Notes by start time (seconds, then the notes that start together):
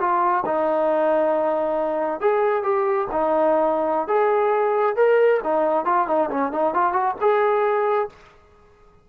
0.00 F4
0.46 D#4
2.21 G#4
2.64 G4
3.12 D#4
4.08 G#4
4.96 A#4
5.44 D#4
5.86 F4
6.08 D#4
6.30 C#4
6.52 D#4
6.74 F4
6.93 F#4
7.21 G#4